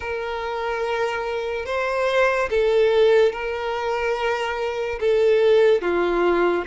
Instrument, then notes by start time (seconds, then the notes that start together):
violin
0.00 A#4
1.65 C5
2.50 A4
3.32 A#4
5.00 A4
5.81 F4